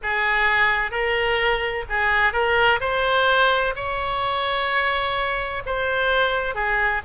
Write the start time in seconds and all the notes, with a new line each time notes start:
0.03 G#4
0.91 A#4
1.89 G#4
2.32 A#4
2.80 C5
3.75 C#5
5.65 C5
6.55 G#4